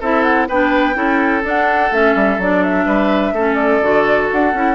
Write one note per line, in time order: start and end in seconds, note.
0.00 0.49 C4
0.00 0.50 E4
0.00 0.48 A4
0.00 0.23 E5
0.23 0.47 F#5
0.48 0.95 B3
0.48 0.94 D4
0.48 0.96 B4
0.48 1.45 G5
0.94 1.43 C#4
0.94 1.42 E4
0.94 2.86 A4
1.43 1.91 D4
1.43 1.93 F#5
1.92 2.15 A3
1.92 2.39 C#4
1.92 2.40 E5
2.15 2.38 G3
2.38 2.86 F#3
2.38 3.37 D4
2.38 2.63 D5
2.63 3.55 E5
2.86 3.32 G3
2.86 3.33 B4
3.32 3.80 A3
3.32 3.82 C#4
3.32 4.75 A4
3.55 4.26 D5
3.82 4.30 D3
3.82 4.54 F#4
4.32 4.53 D4
4.32 4.75 F#5
4.53 4.75 C#4
4.53 4.75 E4